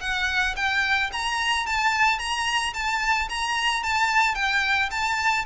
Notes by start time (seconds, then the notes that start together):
0.00 F#5
0.55 G5
1.12 A#5
1.66 A5
2.18 A#5
2.73 A5
3.29 A#5
3.83 A5
4.34 G5
4.90 A5